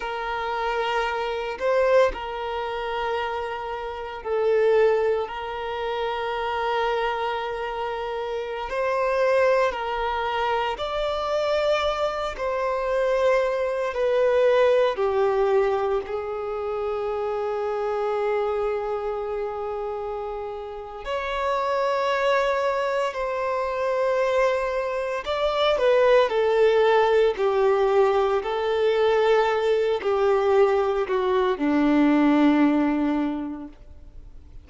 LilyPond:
\new Staff \with { instrumentName = "violin" } { \time 4/4 \tempo 4 = 57 ais'4. c''8 ais'2 | a'4 ais'2.~ | ais'16 c''4 ais'4 d''4. c''16~ | c''4~ c''16 b'4 g'4 gis'8.~ |
gis'1 | cis''2 c''2 | d''8 b'8 a'4 g'4 a'4~ | a'8 g'4 fis'8 d'2 | }